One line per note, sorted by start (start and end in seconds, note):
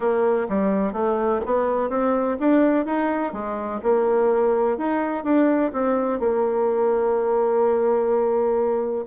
0.00 0.47 A#3
0.48 0.93 G3
0.93 1.40 A3
1.45 1.89 B3
1.89 2.37 C4
2.39 2.85 D4
2.85 3.32 D#4
3.32 3.80 G#3
3.82 4.77 A#3
4.77 5.23 D#4
5.23 5.71 D4
5.72 6.19 C4
6.19 9.05 A#3